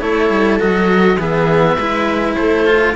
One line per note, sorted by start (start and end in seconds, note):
0.00 0.30 A3
0.00 0.59 E4
0.00 1.19 A4
0.00 0.59 C#5
0.30 0.60 G3
0.59 1.18 F#3
0.59 1.18 F#4
0.59 1.20 D#5
1.18 1.76 E3
1.18 1.78 B3
1.18 1.75 G#4
1.18 2.35 E5
1.75 2.36 G#3
1.75 2.66 E4
1.75 2.34 B4
2.35 2.96 A3
2.35 2.96 A4
2.35 2.94 C5
2.66 2.96 F4